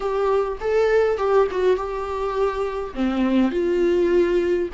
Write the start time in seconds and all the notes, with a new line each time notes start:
0.00 G4
0.60 A4
1.17 G4
1.51 F#4
1.76 G4
2.94 C4
3.51 F4